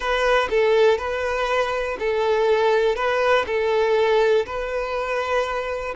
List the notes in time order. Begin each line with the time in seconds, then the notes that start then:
0.00 B4
0.50 A4
0.98 B4
1.99 A4
2.95 B4
3.46 A4
4.46 B4